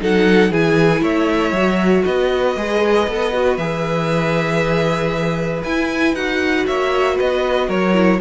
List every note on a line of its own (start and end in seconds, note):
0.00 0.51 F#3
0.00 0.51 D#4
0.00 0.51 A4
0.00 0.52 F#5
0.51 1.01 E3
0.51 1.56 E4
0.51 1.02 G#4
0.51 1.03 G#5
1.01 1.51 A3
1.01 2.04 C#5
1.01 2.04 E5
1.51 2.02 F#3
1.51 2.57 F#4
2.04 2.55 B3
2.04 6.66 B4
2.04 3.57 D#5
2.55 3.07 G#3
2.55 3.08 G#4
3.07 3.57 B3
3.07 3.32 A4
3.32 3.58 F#4
3.57 5.62 E3
3.57 5.64 G#4
3.57 5.62 E5
5.63 6.14 E4
5.63 6.15 E4
5.63 6.14 G#5
6.14 6.65 D#4
6.14 7.93 F#4
6.14 6.65 F#5
6.66 7.19 A#3
6.66 7.15 C#5
6.66 7.18 E5
7.15 7.68 B3
7.15 7.66 B4
7.15 7.69 D#5
7.68 8.19 F#3
7.68 8.19 A#4
7.68 8.20 C#5
7.93 8.19 E4